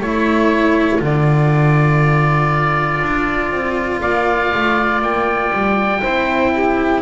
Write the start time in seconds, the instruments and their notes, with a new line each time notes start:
0.00 double bass A3, cello E4, saxophone A4, oboe C#5
0.99 double bass D3, cello F4, oboe D5
3.02 double bass D4
3.52 double bass C4
4.01 double bass A#3, saxophone D5, oboe F5
4.54 double bass A3
5.02 double bass A#3, oboe G5
5.53 double bass G3
6.02 double bass C4, cello E4, saxophone C5
6.53 saxophone G4